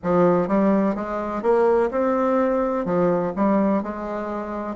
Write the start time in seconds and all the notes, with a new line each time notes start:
0.03 F3
0.48 G3
0.95 G#3
1.42 A#3
1.90 C4
2.85 F3
3.36 G3
3.82 G#3